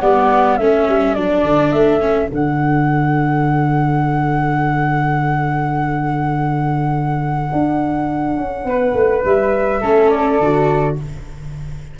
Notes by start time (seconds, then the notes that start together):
0.00 G3 B3 D5 F#5
0.57 A3 C#4 A4 E5
0.88 G3
1.14 F#3 D4 D5
1.43 D3
1.71 A3 E5
2.00 C#4
2.29 D3 D4 F#5
7.52 D4
8.37 C#4
8.64 B3 B4
8.94 A3
9.25 G3 E5
9.81 A3 C#4 A4
10.09 D5
10.39 D3 F#4